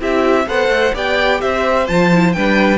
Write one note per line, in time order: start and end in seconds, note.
0.00 0.47 C4
0.00 0.47 E4
0.00 0.47 G4
0.00 0.48 E5
0.47 0.68 B3
0.47 0.94 A4
0.47 0.95 C5
0.47 0.95 F#5
0.68 0.91 A3
0.94 1.42 B3
0.94 1.87 G4
0.94 1.41 D5
0.94 1.41 G5
1.41 1.89 C4
1.41 2.35 C5
1.41 1.88 E5
1.88 2.36 F3
1.88 2.12 F4
1.88 2.33 A5
2.13 2.36 E4
2.33 2.79 G3
2.33 2.79 D4
2.33 2.79 B4
2.33 2.79 G5